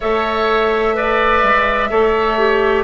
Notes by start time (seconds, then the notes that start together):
0.00 A3 A4 C#5 E5
0.94 B4 D5
1.43 G#3
1.90 A3 A4 C#5
2.38 G4